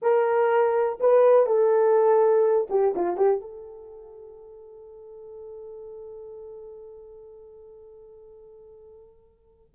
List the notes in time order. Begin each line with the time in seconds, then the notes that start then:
0.01 A#4
1.00 B4
1.46 A4
2.70 G4
2.95 F4
3.17 G4
3.40 A4